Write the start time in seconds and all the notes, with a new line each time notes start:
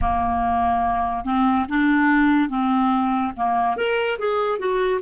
0.01 A#3
1.24 C4
1.68 D4
2.49 C4
3.36 A#3
3.77 A#4
4.19 G#4
4.58 F#4